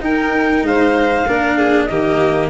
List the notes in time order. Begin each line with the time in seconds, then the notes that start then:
0.00 D#4 A#4 G5
0.63 G#3 C5 F5
1.27 A#3 D4 A#4
1.58 G#4
1.85 D#3 A#3 G4 D#5